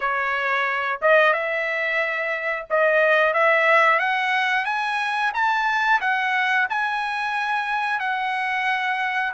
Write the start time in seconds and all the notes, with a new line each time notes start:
0.00 C#5
1.02 D#5
1.33 E5
2.69 D#5
3.33 E5
3.99 F#5
4.65 G#5
5.33 A5
6.00 F#5
6.69 G#5
7.99 F#5